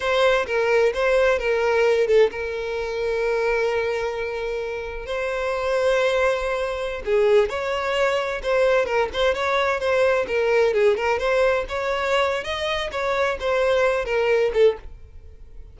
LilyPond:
\new Staff \with { instrumentName = "violin" } { \time 4/4 \tempo 4 = 130 c''4 ais'4 c''4 ais'4~ | ais'8 a'8 ais'2.~ | ais'2. c''4~ | c''2.~ c''16 gis'8.~ |
gis'16 cis''2 c''4 ais'8 c''16~ | c''16 cis''4 c''4 ais'4 gis'8 ais'16~ | ais'16 c''4 cis''4.~ cis''16 dis''4 | cis''4 c''4. ais'4 a'8 | }